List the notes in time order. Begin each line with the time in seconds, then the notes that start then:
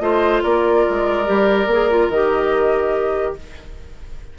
0.00 A3 F4 C5 D#5
0.43 A#3 A#4 D5
0.89 G#3
1.25 G3 G4
1.66 A#3 G#4
1.91 F4
2.09 D#3 G4 D#5